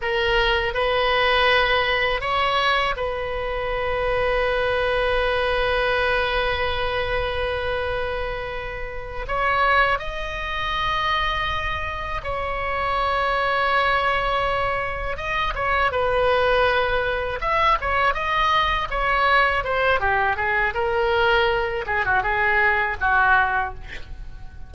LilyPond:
\new Staff \with { instrumentName = "oboe" } { \time 4/4 \tempo 4 = 81 ais'4 b'2 cis''4 | b'1~ | b'1~ | b'8 cis''4 dis''2~ dis''8~ |
dis''8 cis''2.~ cis''8~ | cis''8 dis''8 cis''8 b'2 e''8 | cis''8 dis''4 cis''4 c''8 g'8 gis'8 | ais'4. gis'16 fis'16 gis'4 fis'4 | }